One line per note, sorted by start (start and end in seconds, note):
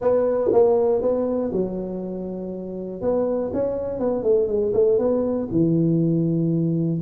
0.01 0.51 B3
0.52 1.01 A#3
1.01 1.51 B3
1.52 3.01 F#3
3.01 3.51 B3
3.52 3.99 C#4
3.99 4.22 B3
4.22 4.47 A3
4.47 4.72 G#3
4.73 4.98 A3
4.98 5.48 B3
5.51 7.01 E3